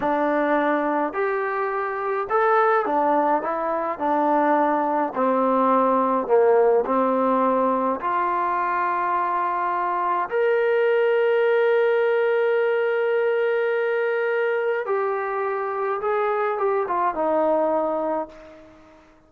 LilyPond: \new Staff \with { instrumentName = "trombone" } { \time 4/4 \tempo 4 = 105 d'2 g'2 | a'4 d'4 e'4 d'4~ | d'4 c'2 ais4 | c'2 f'2~ |
f'2 ais'2~ | ais'1~ | ais'2 g'2 | gis'4 g'8 f'8 dis'2 | }